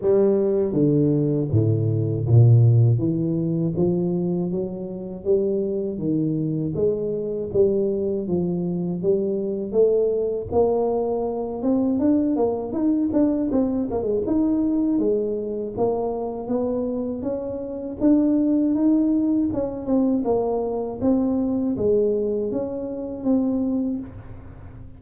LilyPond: \new Staff \with { instrumentName = "tuba" } { \time 4/4 \tempo 4 = 80 g4 d4 a,4 ais,4 | e4 f4 fis4 g4 | dis4 gis4 g4 f4 | g4 a4 ais4. c'8 |
d'8 ais8 dis'8 d'8 c'8 ais16 gis16 dis'4 | gis4 ais4 b4 cis'4 | d'4 dis'4 cis'8 c'8 ais4 | c'4 gis4 cis'4 c'4 | }